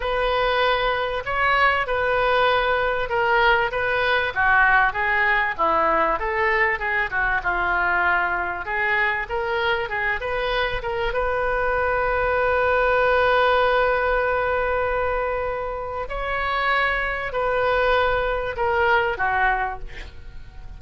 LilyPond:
\new Staff \with { instrumentName = "oboe" } { \time 4/4 \tempo 4 = 97 b'2 cis''4 b'4~ | b'4 ais'4 b'4 fis'4 | gis'4 e'4 a'4 gis'8 fis'8 | f'2 gis'4 ais'4 |
gis'8 b'4 ais'8 b'2~ | b'1~ | b'2 cis''2 | b'2 ais'4 fis'4 | }